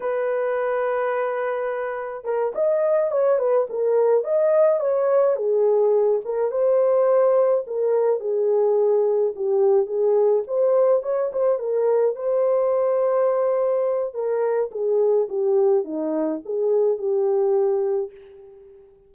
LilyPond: \new Staff \with { instrumentName = "horn" } { \time 4/4 \tempo 4 = 106 b'1 | ais'8 dis''4 cis''8 b'8 ais'4 dis''8~ | dis''8 cis''4 gis'4. ais'8 c''8~ | c''4. ais'4 gis'4.~ |
gis'8 g'4 gis'4 c''4 cis''8 | c''8 ais'4 c''2~ c''8~ | c''4 ais'4 gis'4 g'4 | dis'4 gis'4 g'2 | }